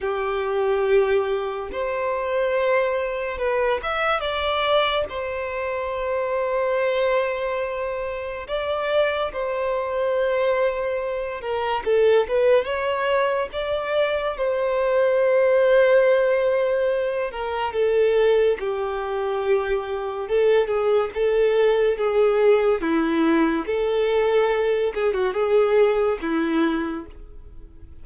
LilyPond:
\new Staff \with { instrumentName = "violin" } { \time 4/4 \tempo 4 = 71 g'2 c''2 | b'8 e''8 d''4 c''2~ | c''2 d''4 c''4~ | c''4. ais'8 a'8 b'8 cis''4 |
d''4 c''2.~ | c''8 ais'8 a'4 g'2 | a'8 gis'8 a'4 gis'4 e'4 | a'4. gis'16 fis'16 gis'4 e'4 | }